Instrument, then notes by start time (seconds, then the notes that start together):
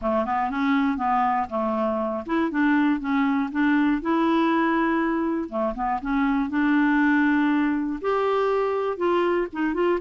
clarinet
0.01 A3
0.25 B3
0.50 C#4
0.97 B3
1.49 A3
2.25 E4
2.50 D4
3.00 C#4
3.51 D4
4.01 E4
5.49 A3
5.75 B3
6.01 C#4
6.49 D4
8.01 G4
8.97 F4
9.52 D#4
9.74 F4